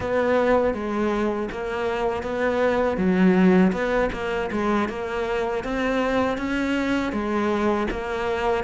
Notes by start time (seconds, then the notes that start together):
0.00 B3
0.74 G#3
1.51 A#3
2.22 B3
2.97 F#3
3.72 B3
4.12 A#3
4.51 G#3
4.89 A#3
5.64 C4
6.37 C#4
7.12 G#3
7.90 A#3